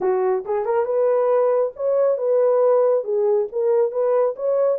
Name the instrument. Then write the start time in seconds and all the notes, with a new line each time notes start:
horn
0.01 F#4
0.45 G#4
0.65 A#4
0.85 B4
1.76 C#5
2.17 B4
3.03 G#4
3.52 A#4
3.91 B4
4.36 C#5